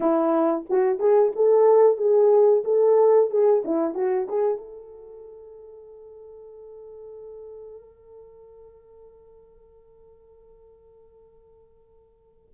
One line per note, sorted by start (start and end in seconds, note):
0.00 0.66 E4
0.69 0.99 F#4
0.99 1.32 G#4
1.35 1.97 A4
1.97 2.63 G#4
2.64 3.30 A4
3.30 3.63 G#4
3.64 3.94 E4
3.94 4.27 F#4
4.29 4.57 G#4
4.57 12.49 A4